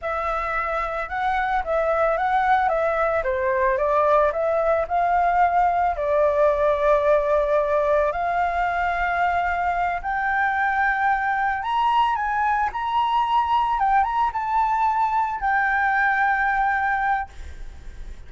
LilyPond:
\new Staff \with { instrumentName = "flute" } { \time 4/4 \tempo 4 = 111 e''2 fis''4 e''4 | fis''4 e''4 c''4 d''4 | e''4 f''2 d''4~ | d''2. f''4~ |
f''2~ f''8 g''4.~ | g''4. ais''4 gis''4 ais''8~ | ais''4. g''8 ais''8 a''4.~ | a''8 g''2.~ g''8 | }